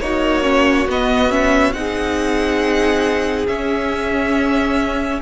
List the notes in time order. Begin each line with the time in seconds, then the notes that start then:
0.00 A#3 D#4 F#4 C#5
0.43 C#4
0.86 B3 D#5
1.30 C#4 E5
1.72 C4 D#4 G#4 F#5
3.47 C#4 E5